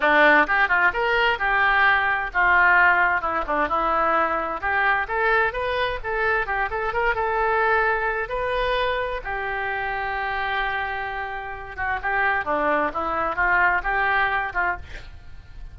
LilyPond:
\new Staff \with { instrumentName = "oboe" } { \time 4/4 \tempo 4 = 130 d'4 g'8 f'8 ais'4 g'4~ | g'4 f'2 e'8 d'8 | e'2 g'4 a'4 | b'4 a'4 g'8 a'8 ais'8 a'8~ |
a'2 b'2 | g'1~ | g'4. fis'8 g'4 d'4 | e'4 f'4 g'4. f'8 | }